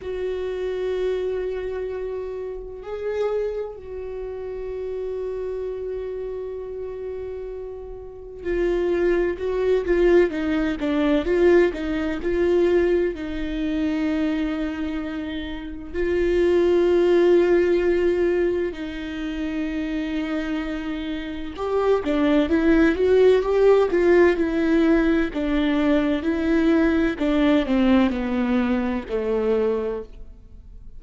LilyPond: \new Staff \with { instrumentName = "viola" } { \time 4/4 \tempo 4 = 64 fis'2. gis'4 | fis'1~ | fis'4 f'4 fis'8 f'8 dis'8 d'8 | f'8 dis'8 f'4 dis'2~ |
dis'4 f'2. | dis'2. g'8 d'8 | e'8 fis'8 g'8 f'8 e'4 d'4 | e'4 d'8 c'8 b4 a4 | }